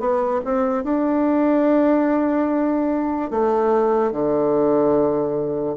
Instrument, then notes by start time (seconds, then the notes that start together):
bassoon
0.00 B3
0.45 C4
0.84 D4
3.31 A3
4.12 D3